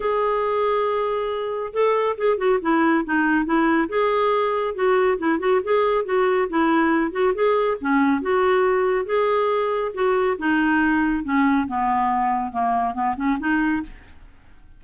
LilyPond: \new Staff \with { instrumentName = "clarinet" } { \time 4/4 \tempo 4 = 139 gis'1 | a'4 gis'8 fis'8 e'4 dis'4 | e'4 gis'2 fis'4 | e'8 fis'8 gis'4 fis'4 e'4~ |
e'8 fis'8 gis'4 cis'4 fis'4~ | fis'4 gis'2 fis'4 | dis'2 cis'4 b4~ | b4 ais4 b8 cis'8 dis'4 | }